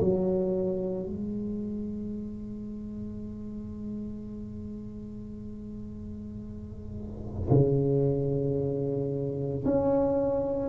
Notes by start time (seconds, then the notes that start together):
0.00 F#3
1.07 G#3
7.50 C#3
9.65 C#4